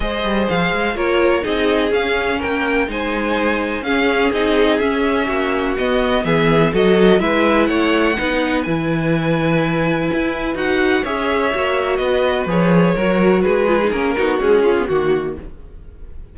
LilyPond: <<
  \new Staff \with { instrumentName = "violin" } { \time 4/4 \tempo 4 = 125 dis''4 f''4 cis''4 dis''4 | f''4 g''4 gis''2 | f''4 dis''4 e''2 | dis''4 e''4 dis''4 e''4 |
fis''2 gis''2~ | gis''2 fis''4 e''4~ | e''4 dis''4 cis''2 | b'4 ais'4 gis'4 fis'4 | }
  \new Staff \with { instrumentName = "violin" } { \time 4/4 c''2 ais'4 gis'4~ | gis'4 ais'4 c''2 | gis'2. fis'4~ | fis'4 gis'4 a'4 b'4 |
cis''4 b'2.~ | b'2. cis''4~ | cis''4 b'2 ais'4 | gis'4. fis'4 f'8 fis'4 | }
  \new Staff \with { instrumentName = "viola" } { \time 4/4 gis'2 f'4 dis'4 | cis'2 dis'2 | cis'4 dis'4 cis'2 | b2 fis'4 e'4~ |
e'4 dis'4 e'2~ | e'2 fis'4 gis'4 | fis'2 gis'4 fis'4~ | fis'8 f'16 dis'16 cis'8 dis'8 gis8 cis'16 b16 ais4 | }
  \new Staff \with { instrumentName = "cello" } { \time 4/4 gis8 g8 f8 gis8 ais4 c'4 | cis'4 ais4 gis2 | cis'4 c'4 cis'4 ais4 | b4 e4 fis4 gis4 |
a4 b4 e2~ | e4 e'4 dis'4 cis'4 | ais4 b4 f4 fis4 | gis4 ais8 b8 cis'4 dis4 | }
>>